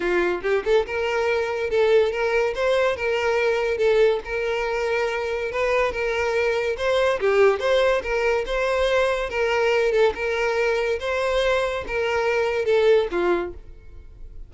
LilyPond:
\new Staff \with { instrumentName = "violin" } { \time 4/4 \tempo 4 = 142 f'4 g'8 a'8 ais'2 | a'4 ais'4 c''4 ais'4~ | ais'4 a'4 ais'2~ | ais'4 b'4 ais'2 |
c''4 g'4 c''4 ais'4 | c''2 ais'4. a'8 | ais'2 c''2 | ais'2 a'4 f'4 | }